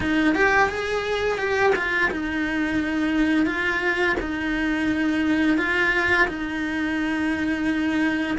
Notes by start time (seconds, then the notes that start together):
0.00 D#4
0.35 G4
0.69 G#4
1.38 G4
1.75 F4
2.10 D#4
3.46 F4
4.20 D#4
5.57 F4
6.28 D#4